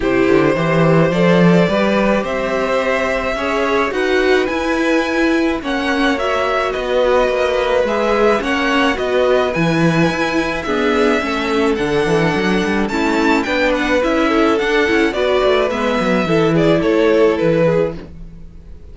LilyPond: <<
  \new Staff \with { instrumentName = "violin" } { \time 4/4 \tempo 4 = 107 c''2 d''2 | e''2. fis''4 | gis''2 fis''4 e''4 | dis''2 e''4 fis''4 |
dis''4 gis''2 e''4~ | e''4 fis''2 a''4 | g''8 fis''8 e''4 fis''4 d''4 | e''4. d''8 cis''4 b'4 | }
  \new Staff \with { instrumentName = "violin" } { \time 4/4 g'4 c''2 b'4 | c''2 cis''4 b'4~ | b'2 cis''2 | b'2. cis''4 |
b'2. gis'4 | a'2. e'4 | b'4. a'4. b'4~ | b'4 a'8 gis'8 a'4. gis'8 | }
  \new Staff \with { instrumentName = "viola" } { \time 4/4 e'4 g'4 a'4 g'4~ | g'2 gis'4 fis'4 | e'2 cis'4 fis'4~ | fis'2 gis'4 cis'4 |
fis'4 e'2 b4 | cis'4 d'2 cis'4 | d'4 e'4 d'8 e'8 fis'4 | b4 e'2. | }
  \new Staff \with { instrumentName = "cello" } { \time 4/4 c8 d8 e4 f4 g4 | c'2 cis'4 dis'4 | e'2 ais2 | b4 ais4 gis4 ais4 |
b4 e4 e'4 d'4 | a4 d8 e8 fis8 g8 a4 | b4 cis'4 d'8 cis'8 b8 a8 | gis8 fis8 e4 a4 e4 | }
>>